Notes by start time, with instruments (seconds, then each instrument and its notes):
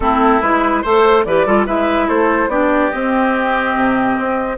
0.00 bassoon A3, clarinet C4, oboe E4, flute A4
0.41 bassoon G#3, clarinet E4, flute B4
0.82 bassoon A3, clarinet A4, oboe C5, flute C5
1.24 bassoon E3, clarinet G4, oboe B4, flute D5
1.45 bassoon G3, clarinet F4, oboe A4
1.66 bassoon G#3, clarinet E4, oboe B4, flute E5
2.07 bassoon A3, oboe A4, flute C5
2.47 bassoon B3, clarinet D4, oboe G4, flute D5
2.91 clarinet C4, bassoon C4, flute D#5
3.75 bassoon C3
4.18 bassoon C4